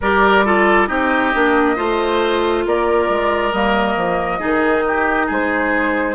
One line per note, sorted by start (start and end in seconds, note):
0.01 0.89 G3
0.01 0.46 G4
0.01 0.45 A#4
0.01 0.86 D5
0.45 0.87 F4
0.45 0.88 A4
0.86 1.33 C4
0.86 1.31 D#4
0.86 1.76 G4
0.86 2.63 D#5
1.33 1.77 A#3
1.33 1.76 D4
1.76 2.66 A3
1.76 3.52 F4
1.76 2.64 C5
2.66 3.08 A#3
2.66 4.39 A#4
2.66 3.52 D5
3.08 3.52 G#3
3.52 3.96 G3
3.52 4.39 A#3
3.52 5.29 D#5
3.96 4.40 F3
4.39 5.30 D#3
4.39 6.15 D#4
4.39 4.83 G#4
4.87 5.26 G4
5.26 6.15 G#3
5.26 6.14 G#4
5.26 6.15 C5